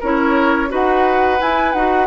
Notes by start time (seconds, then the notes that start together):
0.00 C#4 E4 A#4 C#5
0.68 D#4 F#4 B4 F#5
1.40 E4 G#5
1.73 D#4 F#4 F#5